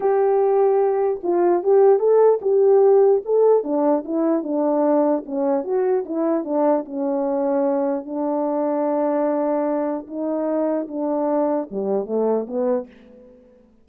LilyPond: \new Staff \with { instrumentName = "horn" } { \time 4/4 \tempo 4 = 149 g'2. f'4 | g'4 a'4 g'2 | a'4 d'4 e'4 d'4~ | d'4 cis'4 fis'4 e'4 |
d'4 cis'2. | d'1~ | d'4 dis'2 d'4~ | d'4 g4 a4 b4 | }